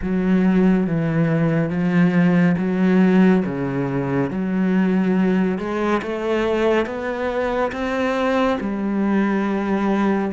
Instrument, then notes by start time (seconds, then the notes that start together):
cello
0.02 F#3
0.86 E3
1.69 F3
2.57 F#3
3.45 C#3
4.30 F#3
5.58 G#3
6.02 A3
6.86 B3
7.71 C4
8.60 G3